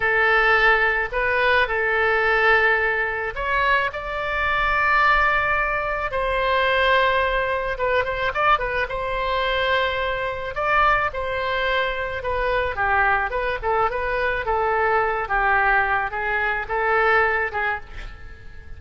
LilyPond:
\new Staff \with { instrumentName = "oboe" } { \time 4/4 \tempo 4 = 108 a'2 b'4 a'4~ | a'2 cis''4 d''4~ | d''2. c''4~ | c''2 b'8 c''8 d''8 b'8 |
c''2. d''4 | c''2 b'4 g'4 | b'8 a'8 b'4 a'4. g'8~ | g'4 gis'4 a'4. gis'8 | }